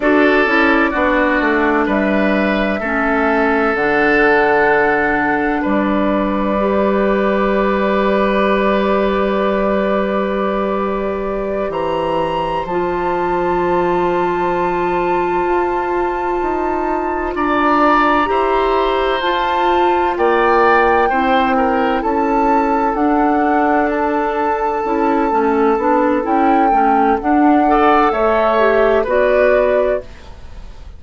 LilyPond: <<
  \new Staff \with { instrumentName = "flute" } { \time 4/4 \tempo 4 = 64 d''2 e''2 | fis''2 d''2~ | d''1~ | d''8 ais''4 a''2~ a''8~ |
a''2~ a''8 ais''4.~ | ais''8 a''4 g''2 a''8~ | a''8 fis''4 a''2~ a''8 | g''4 fis''4 e''4 d''4 | }
  \new Staff \with { instrumentName = "oboe" } { \time 4/4 a'4 fis'4 b'4 a'4~ | a'2 b'2~ | b'1~ | b'8 c''2.~ c''8~ |
c''2~ c''8 d''4 c''8~ | c''4. d''4 c''8 ais'8 a'8~ | a'1~ | a'4. d''8 cis''4 b'4 | }
  \new Staff \with { instrumentName = "clarinet" } { \time 4/4 fis'8 e'8 d'2 cis'4 | d'2. g'4~ | g'1~ | g'4. f'2~ f'8~ |
f'2.~ f'8 g'8~ | g'8 f'2 e'4.~ | e'8 d'2 e'8 cis'8 d'8 | e'8 cis'8 d'8 a'4 g'8 fis'4 | }
  \new Staff \with { instrumentName = "bassoon" } { \time 4/4 d'8 cis'8 b8 a8 g4 a4 | d2 g2~ | g1~ | g8 e4 f2~ f8~ |
f8 f'4 dis'4 d'4 e'8~ | e'8 f'4 ais4 c'4 cis'8~ | cis'8 d'2 cis'8 a8 b8 | cis'8 a8 d'4 a4 b4 | }
>>